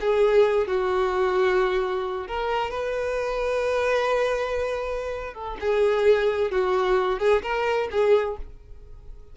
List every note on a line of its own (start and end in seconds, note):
0.00 0.67 G#4
0.67 2.27 F#4
2.27 2.70 A#4
2.70 5.34 B4
5.34 5.57 A4
5.60 6.51 G#4
6.51 7.19 F#4
7.19 7.42 G#4
7.42 7.88 A#4
7.91 8.37 G#4